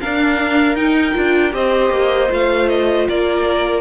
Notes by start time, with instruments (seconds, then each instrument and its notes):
0.00 viola D4, cello D4, violin A#4 F5
0.74 cello D#4, viola D#4, violin G5
1.13 cello D4, viola F4
1.51 cello C4, viola G4, violin C5 D#5
1.90 cello A#3
2.29 cello A3, viola F4, violin F5
2.68 violin D#5
3.08 cello A#3, violin A#4 D5